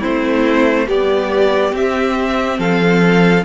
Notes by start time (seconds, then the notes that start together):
0.00 A3 C4 E4 C5
0.87 G3 B3 G4 D5
1.72 C4 E5
2.58 F3 A4 F5